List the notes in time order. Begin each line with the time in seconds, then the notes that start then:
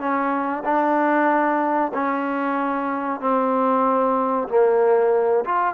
0.00 C#4
0.65 D4
1.94 C#4
3.21 C4
4.49 A#3
5.45 F4